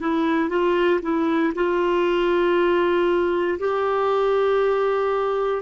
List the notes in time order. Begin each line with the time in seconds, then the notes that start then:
0.00 E4
0.49 F4
1.02 E4
1.55 F4
3.59 G4